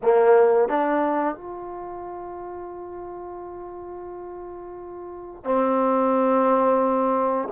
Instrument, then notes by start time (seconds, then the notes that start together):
trombone
0.02 A#3
0.68 D4
1.35 F4
5.44 C4